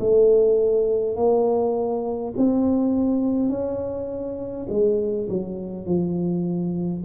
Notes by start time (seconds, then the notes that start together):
0.00 A3
1.16 A#3
2.37 C4
3.49 C#4
4.69 G#3
5.29 F#3
5.86 F3